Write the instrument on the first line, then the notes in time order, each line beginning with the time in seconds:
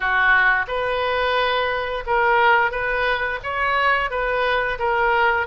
oboe
0.00 F#4
0.67 B4
2.06 A#4
2.71 B4
3.43 C#5
4.10 B4
4.78 A#4